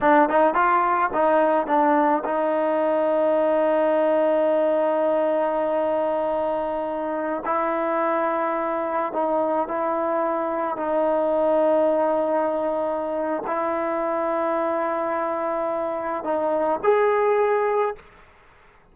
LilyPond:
\new Staff \with { instrumentName = "trombone" } { \time 4/4 \tempo 4 = 107 d'8 dis'8 f'4 dis'4 d'4 | dis'1~ | dis'1~ | dis'4~ dis'16 e'2~ e'8.~ |
e'16 dis'4 e'2 dis'8.~ | dis'1 | e'1~ | e'4 dis'4 gis'2 | }